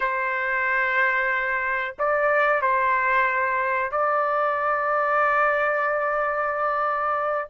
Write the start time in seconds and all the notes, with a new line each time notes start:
0.00 C5
1.99 D5
2.61 C5
3.91 D5